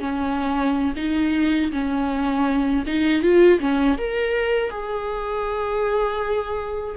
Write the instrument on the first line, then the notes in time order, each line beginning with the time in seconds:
viola
0.00 C#4
0.96 D#4
1.72 C#4
2.87 D#4
3.22 F4
3.60 C#4
3.98 A#4
4.70 G#4